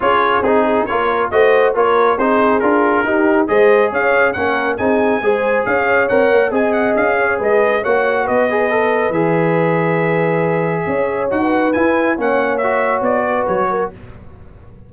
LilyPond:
<<
  \new Staff \with { instrumentName = "trumpet" } { \time 4/4 \tempo 4 = 138 cis''4 gis'4 cis''4 dis''4 | cis''4 c''4 ais'2 | dis''4 f''4 fis''4 gis''4~ | gis''4 f''4 fis''4 gis''8 fis''8 |
f''4 dis''4 fis''4 dis''4~ | dis''4 e''2.~ | e''2 fis''4 gis''4 | fis''4 e''4 d''4 cis''4 | }
  \new Staff \with { instrumentName = "horn" } { \time 4/4 gis'2 ais'4 c''4 | ais'4 gis'2 g'4 | c''4 cis''4 ais'4 gis'4 | c''4 cis''2 dis''4~ |
dis''8 cis''8 b'4 cis''4 b'4~ | b'1~ | b'4 cis''4~ cis''16 b'4.~ b'16 | cis''2~ cis''8 b'4 ais'8 | }
  \new Staff \with { instrumentName = "trombone" } { \time 4/4 f'4 dis'4 f'4 fis'4 | f'4 dis'4 f'4 dis'4 | gis'2 cis'4 dis'4 | gis'2 ais'4 gis'4~ |
gis'2 fis'4. gis'8 | a'4 gis'2.~ | gis'2 fis'4 e'4 | cis'4 fis'2. | }
  \new Staff \with { instrumentName = "tuba" } { \time 4/4 cis'4 c'4 ais4 a4 | ais4 c'4 d'4 dis'4 | gis4 cis'4 ais4 c'4 | gis4 cis'4 c'8 ais8 c'4 |
cis'4 gis4 ais4 b4~ | b4 e2.~ | e4 cis'4 dis'4 e'4 | ais2 b4 fis4 | }
>>